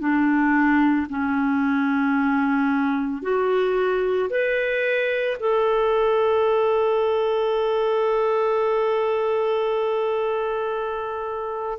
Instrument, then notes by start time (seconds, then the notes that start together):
clarinet
0.00 D4
1.09 C#4
3.22 F#4
4.30 B4
5.40 A4